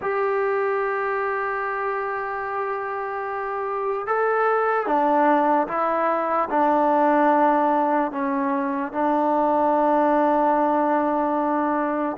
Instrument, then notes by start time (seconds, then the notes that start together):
trombone
0.01 G4
4.06 A4
4.86 D4
5.67 E4
6.50 D4
8.11 C#4
8.92 D4